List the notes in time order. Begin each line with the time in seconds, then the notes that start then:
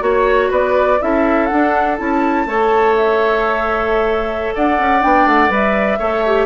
0.00 A#3 F#4 C#5
0.50 B3 B4 D5
1.01 C#4 E4 A4 E5
1.46 D4 F#5
1.98 C#4 E4 A5
2.46 A3 A4 C#5
2.96 E5
4.55 D4 D5 F#5
4.79 C#4
5.01 B3 D4 G5
5.26 A3 F#5
5.49 G3 B4 E5
5.99 A3 A4 C#5
6.26 G4